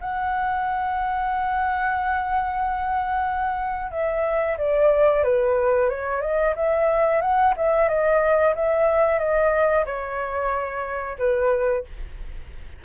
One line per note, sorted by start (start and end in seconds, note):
0.00 3.91 F#5
3.91 4.57 E5
4.57 5.23 D5
5.23 5.89 B4
5.89 6.21 C#5
6.21 6.54 D#5
6.55 7.21 E5
7.21 7.54 F#5
7.56 7.89 E5
7.89 8.54 D#5
8.55 9.19 E5
9.19 9.85 D#5
9.85 11.17 C#5
11.18 11.84 B4